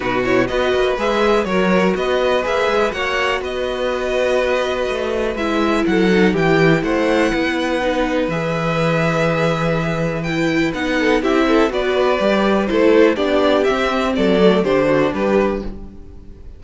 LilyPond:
<<
  \new Staff \with { instrumentName = "violin" } { \time 4/4 \tempo 4 = 123 b'8 cis''8 dis''4 e''4 cis''4 | dis''4 e''4 fis''4 dis''4~ | dis''2. e''4 | fis''4 g''4 fis''2~ |
fis''4 e''2.~ | e''4 g''4 fis''4 e''4 | d''2 c''4 d''4 | e''4 d''4 c''4 b'4 | }
  \new Staff \with { instrumentName = "violin" } { \time 4/4 fis'4 b'2 ais'4 | b'2 cis''4 b'4~ | b'1 | a'4 g'4 c''4 b'4~ |
b'1~ | b'2~ b'8 a'8 g'8 a'8 | b'2 a'4 g'4~ | g'4 a'4 g'8 fis'8 g'4 | }
  \new Staff \with { instrumentName = "viola" } { \time 4/4 dis'8 e'8 fis'4 gis'4 fis'4~ | fis'4 gis'4 fis'2~ | fis'2. e'4~ | e'8 dis'8 e'2. |
dis'4 gis'2.~ | gis'4 e'4 dis'4 e'4 | fis'4 g'4 e'4 d'4 | c'4. a8 d'2 | }
  \new Staff \with { instrumentName = "cello" } { \time 4/4 b,4 b8 ais8 gis4 fis4 | b4 ais8 gis8 ais4 b4~ | b2 a4 gis4 | fis4 e4 a4 b4~ |
b4 e2.~ | e2 b4 c'4 | b4 g4 a4 b4 | c'4 fis4 d4 g4 | }
>>